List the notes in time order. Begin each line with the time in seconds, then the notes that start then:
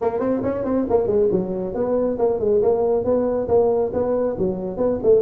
0.01 A#3
0.19 C4
0.43 C#4
0.64 C4
0.89 A#3
1.06 G#3
1.31 F#3
1.74 B3
2.18 A#3
2.39 G#3
2.62 A#3
3.04 B3
3.48 A#3
3.93 B3
4.38 F#3
4.77 B3
5.03 A3